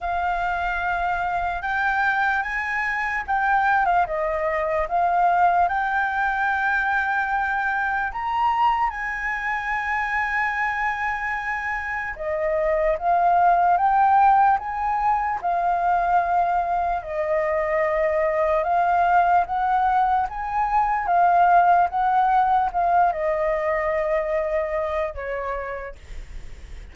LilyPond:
\new Staff \with { instrumentName = "flute" } { \time 4/4 \tempo 4 = 74 f''2 g''4 gis''4 | g''8. f''16 dis''4 f''4 g''4~ | g''2 ais''4 gis''4~ | gis''2. dis''4 |
f''4 g''4 gis''4 f''4~ | f''4 dis''2 f''4 | fis''4 gis''4 f''4 fis''4 | f''8 dis''2~ dis''8 cis''4 | }